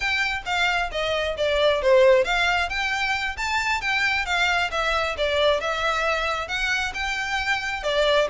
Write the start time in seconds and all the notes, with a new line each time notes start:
0.00 G5
0.45 F5
0.91 D#5
1.37 D5
1.82 C5
2.24 F5
2.69 G5
3.37 A5
3.81 G5
4.25 F5
4.71 E5
5.17 D5
5.60 E5
6.48 F#5
6.94 G5
7.83 D5